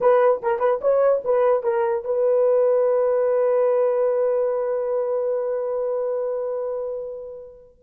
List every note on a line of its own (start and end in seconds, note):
0.00 0.41 B4
0.42 0.59 A#4
0.59 0.80 B4
0.81 1.22 C#5
1.24 1.63 B4
1.63 2.04 A#4
2.04 7.79 B4